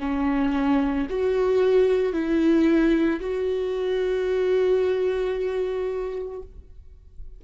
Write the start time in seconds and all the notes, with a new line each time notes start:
0.00 C#4
1.10 F#4
2.13 E4
3.21 F#4